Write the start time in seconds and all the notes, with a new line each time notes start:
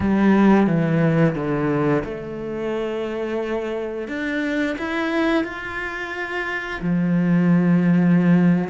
0.00 G3
0.67 E3
1.35 D3
2.04 A3
4.08 D4
4.78 E4
5.44 F4
6.81 F3